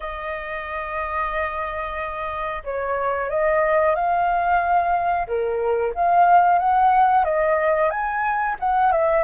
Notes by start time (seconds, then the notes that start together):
0.00 D#5
2.64 C#5
3.29 D#5
3.95 F5
5.27 A#4
5.94 F5
6.58 F#5
7.24 D#5
7.90 G#5
8.59 F#5
8.92 E5